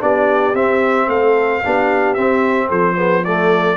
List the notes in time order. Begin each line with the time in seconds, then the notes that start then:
0.00 B3 D4 G4 D5
0.53 C4 E5
1.07 A3 A4 F5
1.64 B3 D4 G4
2.14 C4 E5
2.68 F3 A4 C5
2.96 B3 G#4
3.24 A3 A4 D5